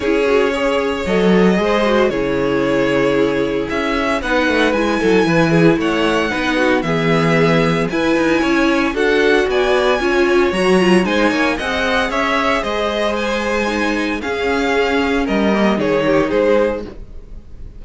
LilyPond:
<<
  \new Staff \with { instrumentName = "violin" } { \time 4/4 \tempo 4 = 114 cis''2 dis''2 | cis''2. e''4 | fis''4 gis''2 fis''4~ | fis''4 e''2 gis''4~ |
gis''4 fis''4 gis''2 | ais''4 gis''4 fis''4 e''4 | dis''4 gis''2 f''4~ | f''4 dis''4 cis''4 c''4 | }
  \new Staff \with { instrumentName = "violin" } { \time 4/4 gis'4 cis''2 c''4 | gis'1 | b'4. a'8 b'8 gis'8 cis''4 | b'8 fis'8 gis'2 b'4 |
cis''4 a'4 d''4 cis''4~ | cis''4 c''8 cis''8 dis''4 cis''4 | c''2. gis'4~ | gis'4 ais'4 gis'8 g'8 gis'4 | }
  \new Staff \with { instrumentName = "viola" } { \time 4/4 e'8 fis'8 gis'4 a'4 gis'8 fis'8 | e'1 | dis'4 e'2. | dis'4 b2 e'4~ |
e'4 fis'2 f'4 | fis'8 f'8 dis'4 gis'2~ | gis'2 dis'4 cis'4~ | cis'4. ais8 dis'2 | }
  \new Staff \with { instrumentName = "cello" } { \time 4/4 cis'2 fis4 gis4 | cis2. cis'4 | b8 a8 gis8 fis8 e4 a4 | b4 e2 e'8 dis'8 |
cis'4 d'4 b4 cis'4 | fis4 gis8 ais8 c'4 cis'4 | gis2. cis'4~ | cis'4 g4 dis4 gis4 | }
>>